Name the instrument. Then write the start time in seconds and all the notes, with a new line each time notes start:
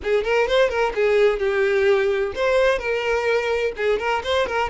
violin
0.03 G#4
0.24 A#4
0.47 C5
0.69 A#4
0.94 G#4
1.39 G4
2.35 C5
2.78 A#4
3.76 G#4
3.98 A#4
4.23 C5
4.47 A#4